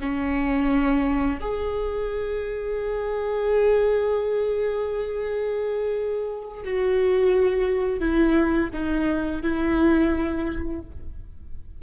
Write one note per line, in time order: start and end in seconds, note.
0.00 1.40 C#4
1.40 6.63 G#4
6.64 7.99 F#4
7.99 8.69 E4
8.73 9.42 D#4
9.42 10.81 E4